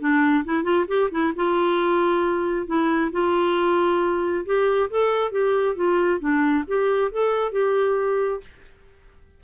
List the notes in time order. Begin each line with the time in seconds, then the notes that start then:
0.00 D4
0.45 E4
0.63 F4
0.88 G4
1.11 E4
1.36 F4
2.67 E4
3.12 F4
4.45 G4
4.91 A4
5.32 G4
5.76 F4
6.20 D4
6.67 G4
7.12 A4
7.52 G4